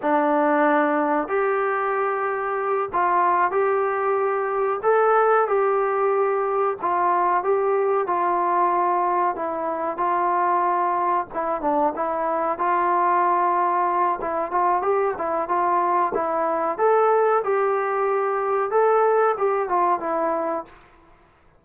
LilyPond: \new Staff \with { instrumentName = "trombone" } { \time 4/4 \tempo 4 = 93 d'2 g'2~ | g'8 f'4 g'2 a'8~ | a'8 g'2 f'4 g'8~ | g'8 f'2 e'4 f'8~ |
f'4. e'8 d'8 e'4 f'8~ | f'2 e'8 f'8 g'8 e'8 | f'4 e'4 a'4 g'4~ | g'4 a'4 g'8 f'8 e'4 | }